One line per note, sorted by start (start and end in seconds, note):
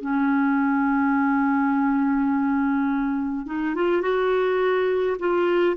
0.00 3.46 C#4
3.46 3.75 D#4
3.75 4.01 F4
4.01 5.17 F#4
5.19 5.76 F4